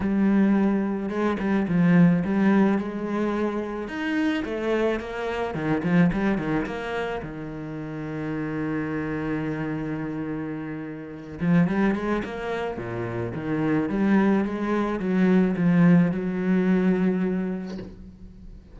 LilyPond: \new Staff \with { instrumentName = "cello" } { \time 4/4 \tempo 4 = 108 g2 gis8 g8 f4 | g4 gis2 dis'4 | a4 ais4 dis8 f8 g8 dis8 | ais4 dis2.~ |
dis1~ | dis8 f8 g8 gis8 ais4 ais,4 | dis4 g4 gis4 fis4 | f4 fis2. | }